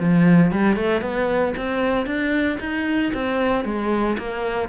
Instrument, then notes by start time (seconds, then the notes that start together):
cello
0.00 F3
0.52 G3
0.76 A3
1.02 B3
1.57 C4
2.06 D4
2.60 D#4
3.14 C4
3.65 G#3
4.18 A#3